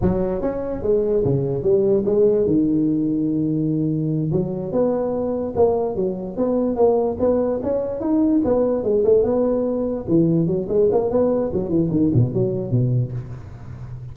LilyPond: \new Staff \with { instrumentName = "tuba" } { \time 4/4 \tempo 4 = 146 fis4 cis'4 gis4 cis4 | g4 gis4 dis2~ | dis2~ dis8 fis4 b8~ | b4. ais4 fis4 b8~ |
b8 ais4 b4 cis'4 dis'8~ | dis'8 b4 gis8 a8 b4.~ | b8 e4 fis8 gis8 ais8 b4 | fis8 e8 dis8 b,8 fis4 b,4 | }